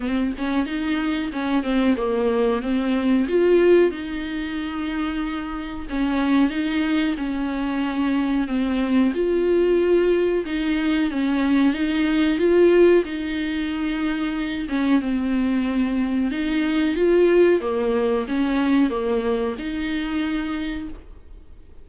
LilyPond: \new Staff \with { instrumentName = "viola" } { \time 4/4 \tempo 4 = 92 c'8 cis'8 dis'4 cis'8 c'8 ais4 | c'4 f'4 dis'2~ | dis'4 cis'4 dis'4 cis'4~ | cis'4 c'4 f'2 |
dis'4 cis'4 dis'4 f'4 | dis'2~ dis'8 cis'8 c'4~ | c'4 dis'4 f'4 ais4 | cis'4 ais4 dis'2 | }